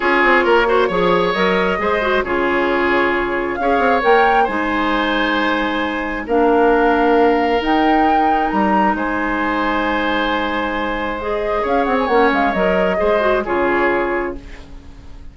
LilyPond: <<
  \new Staff \with { instrumentName = "flute" } { \time 4/4 \tempo 4 = 134 cis''2. dis''4~ | dis''4 cis''2. | f''4 g''4 gis''2~ | gis''2 f''2~ |
f''4 g''2 ais''4 | gis''1~ | gis''4 dis''4 f''8 fis''16 gis''16 fis''8 f''8 | dis''2 cis''2 | }
  \new Staff \with { instrumentName = "oboe" } { \time 4/4 gis'4 ais'8 c''8 cis''2 | c''4 gis'2. | cis''2 c''2~ | c''2 ais'2~ |
ais'1 | c''1~ | c''2 cis''2~ | cis''4 c''4 gis'2 | }
  \new Staff \with { instrumentName = "clarinet" } { \time 4/4 f'4. fis'8 gis'4 ais'4 | gis'8 fis'8 f'2. | gis'4 ais'4 dis'2~ | dis'2 d'2~ |
d'4 dis'2.~ | dis'1~ | dis'4 gis'2 cis'4 | ais'4 gis'8 fis'8 f'2 | }
  \new Staff \with { instrumentName = "bassoon" } { \time 4/4 cis'8 c'8 ais4 f4 fis4 | gis4 cis2. | cis'8 c'8 ais4 gis2~ | gis2 ais2~ |
ais4 dis'2 g4 | gis1~ | gis2 cis'8 c'8 ais8 gis8 | fis4 gis4 cis2 | }
>>